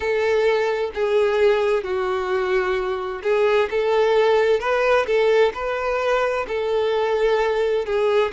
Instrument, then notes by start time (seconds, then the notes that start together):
violin
0.00 A4
0.94 G#4
1.83 F#4
3.23 G#4
3.70 A4
4.59 B4
5.06 A4
5.53 B4
6.47 A4
7.85 G#4